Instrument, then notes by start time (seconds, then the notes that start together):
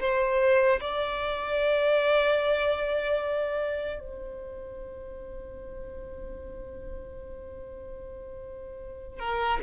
violin
0.00 C5
0.80 D5
4.00 C5
9.19 A#4